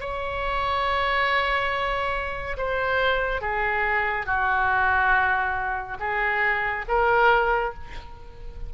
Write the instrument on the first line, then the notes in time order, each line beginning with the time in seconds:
oboe
0.00 C#5
2.57 C5
3.41 G#4
4.26 F#4
6.00 G#4
6.88 A#4